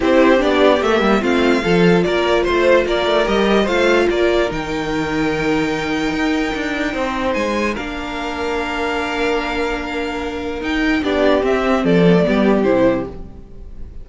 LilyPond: <<
  \new Staff \with { instrumentName = "violin" } { \time 4/4 \tempo 4 = 147 c''4 d''4 e''4 f''4~ | f''4 d''4 c''4 d''4 | dis''4 f''4 d''4 g''4~ | g''1~ |
g''2 gis''4 f''4~ | f''1~ | f''2 g''4 d''4 | e''4 d''2 c''4 | }
  \new Staff \with { instrumentName = "violin" } { \time 4/4 g'2. f'4 | a'4 ais'4 c''4 ais'4~ | ais'4 c''4 ais'2~ | ais'1~ |
ais'4 c''2 ais'4~ | ais'1~ | ais'2. g'4~ | g'4 a'4 g'2 | }
  \new Staff \with { instrumentName = "viola" } { \time 4/4 e'4 d'4 ais4 c'4 | f'1 | g'4 f'2 dis'4~ | dis'1~ |
dis'2. d'4~ | d'1~ | d'2 dis'4 d'4 | c'4. b16 a16 b4 e'4 | }
  \new Staff \with { instrumentName = "cello" } { \time 4/4 c'4 b4 a8 g8 a4 | f4 ais4 a4 ais8 a8 | g4 a4 ais4 dis4~ | dis2. dis'4 |
d'4 c'4 gis4 ais4~ | ais1~ | ais2 dis'4 b4 | c'4 f4 g4 c4 | }
>>